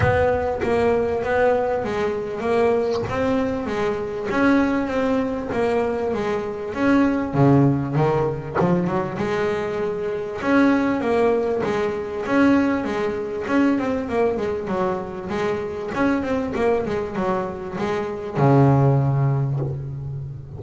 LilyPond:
\new Staff \with { instrumentName = "double bass" } { \time 4/4 \tempo 4 = 98 b4 ais4 b4 gis4 | ais4 c'4 gis4 cis'4 | c'4 ais4 gis4 cis'4 | cis4 dis4 f8 fis8 gis4~ |
gis4 cis'4 ais4 gis4 | cis'4 gis4 cis'8 c'8 ais8 gis8 | fis4 gis4 cis'8 c'8 ais8 gis8 | fis4 gis4 cis2 | }